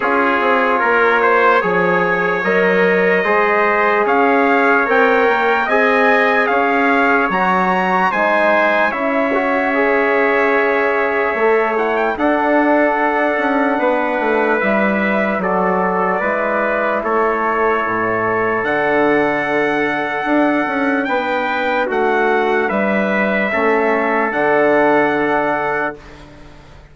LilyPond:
<<
  \new Staff \with { instrumentName = "trumpet" } { \time 4/4 \tempo 4 = 74 cis''2. dis''4~ | dis''4 f''4 g''4 gis''4 | f''4 ais''4 gis''4 e''4~ | e''2~ e''8 fis''16 g''16 fis''4~ |
fis''2 e''4 d''4~ | d''4 cis''2 fis''4~ | fis''2 g''4 fis''4 | e''2 fis''2 | }
  \new Staff \with { instrumentName = "trumpet" } { \time 4/4 gis'4 ais'8 c''8 cis''2 | c''4 cis''2 dis''4 | cis''2 c''4 cis''4~ | cis''2. a'4~ |
a'4 b'2 a'4 | b'4 a'2.~ | a'2 b'4 fis'4 | b'4 a'2. | }
  \new Staff \with { instrumentName = "trombone" } { \time 4/4 f'2 gis'4 ais'4 | gis'2 ais'4 gis'4~ | gis'4 fis'4 dis'4 e'8 fis'8 | gis'2 a'8 e'8 d'4~ |
d'2 e'4 fis'4 | e'2. d'4~ | d'1~ | d'4 cis'4 d'2 | }
  \new Staff \with { instrumentName = "bassoon" } { \time 4/4 cis'8 c'8 ais4 f4 fis4 | gis4 cis'4 c'8 ais8 c'4 | cis'4 fis4 gis4 cis'4~ | cis'2 a4 d'4~ |
d'8 cis'8 b8 a8 g4 fis4 | gis4 a4 a,4 d4~ | d4 d'8 cis'8 b4 a4 | g4 a4 d2 | }
>>